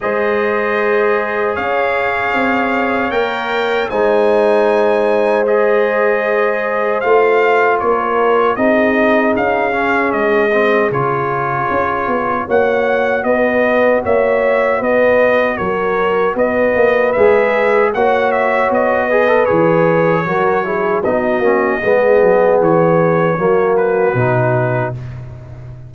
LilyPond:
<<
  \new Staff \with { instrumentName = "trumpet" } { \time 4/4 \tempo 4 = 77 dis''2 f''2 | g''4 gis''2 dis''4~ | dis''4 f''4 cis''4 dis''4 | f''4 dis''4 cis''2 |
fis''4 dis''4 e''4 dis''4 | cis''4 dis''4 e''4 fis''8 e''8 | dis''4 cis''2 dis''4~ | dis''4 cis''4. b'4. | }
  \new Staff \with { instrumentName = "horn" } { \time 4/4 c''2 cis''2~ | cis''4 c''2.~ | c''2 ais'4 gis'4~ | gis'1 |
cis''4 b'4 cis''4 b'4 | ais'4 b'2 cis''4~ | cis''8 b'4. ais'8 gis'8 fis'4 | gis'2 fis'2 | }
  \new Staff \with { instrumentName = "trombone" } { \time 4/4 gis'1 | ais'4 dis'2 gis'4~ | gis'4 f'2 dis'4~ | dis'8 cis'4 c'8 f'2 |
fis'1~ | fis'2 gis'4 fis'4~ | fis'8 gis'16 a'16 gis'4 fis'8 e'8 dis'8 cis'8 | b2 ais4 dis'4 | }
  \new Staff \with { instrumentName = "tuba" } { \time 4/4 gis2 cis'4 c'4 | ais4 gis2.~ | gis4 a4 ais4 c'4 | cis'4 gis4 cis4 cis'8 b8 |
ais4 b4 ais4 b4 | fis4 b8 ais8 gis4 ais4 | b4 e4 fis4 b8 ais8 | gis8 fis8 e4 fis4 b,4 | }
>>